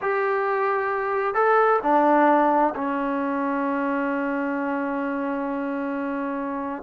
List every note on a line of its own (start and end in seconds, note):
0.01 1.34 G4
1.34 1.79 A4
1.83 2.74 D4
2.75 6.82 C#4